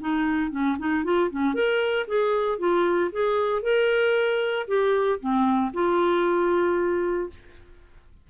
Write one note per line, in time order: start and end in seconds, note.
0.00 0.51 D#4
0.51 0.77 C#4
0.78 1.04 D#4
1.04 1.30 F4
1.30 1.54 C#4
1.54 2.06 A#4
2.07 2.58 G#4
2.58 3.10 F4
3.11 3.62 G#4
3.62 4.66 A#4
4.67 5.19 G4
5.19 5.72 C4
5.73 7.30 F4